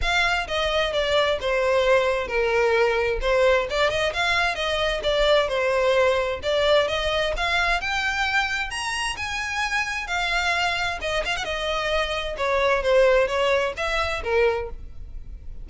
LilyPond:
\new Staff \with { instrumentName = "violin" } { \time 4/4 \tempo 4 = 131 f''4 dis''4 d''4 c''4~ | c''4 ais'2 c''4 | d''8 dis''8 f''4 dis''4 d''4 | c''2 d''4 dis''4 |
f''4 g''2 ais''4 | gis''2 f''2 | dis''8 f''16 fis''16 dis''2 cis''4 | c''4 cis''4 e''4 ais'4 | }